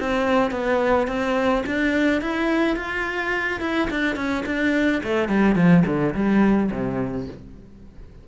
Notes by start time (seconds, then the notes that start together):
0.00 C4
0.51 B3
1.08 C4
1.66 D4
2.21 E4
2.77 F4
3.61 E4
3.90 D4
4.16 C#4
4.46 D4
5.03 A3
5.29 G3
5.56 F3
5.86 D3
6.15 G3
6.72 C3